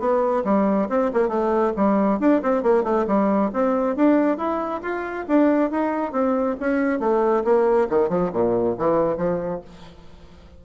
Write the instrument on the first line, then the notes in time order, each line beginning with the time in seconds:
bassoon
0.00 B3
0.45 G3
0.90 C4
1.14 A#3
1.29 A3
1.77 G3
2.20 D4
2.43 C4
2.63 A#3
2.84 A3
3.07 G3
3.54 C4
3.96 D4
4.38 E4
4.82 F4
5.29 D4
5.71 D#4
6.13 C4
6.61 C#4
7.00 A3
7.45 A#3
7.90 D#3
8.10 F3
8.33 A#2
8.78 E3
9.18 F3